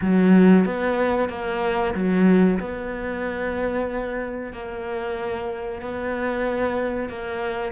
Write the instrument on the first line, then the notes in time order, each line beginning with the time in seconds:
cello
0.01 F#3
0.65 B3
1.29 A#3
1.94 F#3
2.59 B3
4.52 A#3
5.81 B3
7.09 A#3